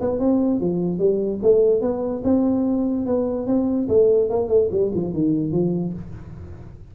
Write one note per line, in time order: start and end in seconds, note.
0.00 0.19 B3
0.19 0.60 C4
0.60 0.98 F3
0.98 1.39 G3
1.42 1.81 A3
1.81 2.22 B3
2.23 3.05 C4
3.05 3.46 B3
3.46 3.87 C4
3.88 4.29 A3
4.29 4.48 A#3
4.48 4.68 A3
4.71 4.91 G3
4.94 5.13 F3
5.13 5.52 D#3
5.52 5.93 F3